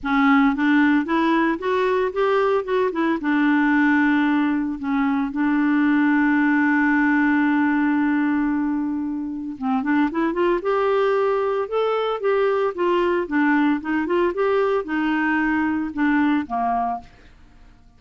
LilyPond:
\new Staff \with { instrumentName = "clarinet" } { \time 4/4 \tempo 4 = 113 cis'4 d'4 e'4 fis'4 | g'4 fis'8 e'8 d'2~ | d'4 cis'4 d'2~ | d'1~ |
d'2 c'8 d'8 e'8 f'8 | g'2 a'4 g'4 | f'4 d'4 dis'8 f'8 g'4 | dis'2 d'4 ais4 | }